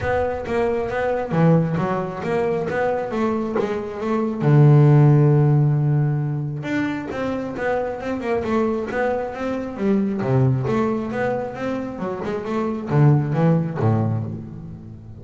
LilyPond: \new Staff \with { instrumentName = "double bass" } { \time 4/4 \tempo 4 = 135 b4 ais4 b4 e4 | fis4 ais4 b4 a4 | gis4 a4 d2~ | d2. d'4 |
c'4 b4 c'8 ais8 a4 | b4 c'4 g4 c4 | a4 b4 c'4 fis8 gis8 | a4 d4 e4 a,4 | }